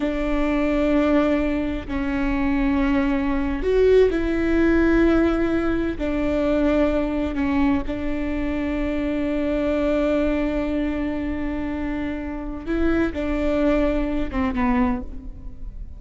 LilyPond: \new Staff \with { instrumentName = "viola" } { \time 4/4 \tempo 4 = 128 d'1 | cis'2.~ cis'8. fis'16~ | fis'8. e'2.~ e'16~ | e'8. d'2. cis'16~ |
cis'8. d'2.~ d'16~ | d'1~ | d'2. e'4 | d'2~ d'8 c'8 b4 | }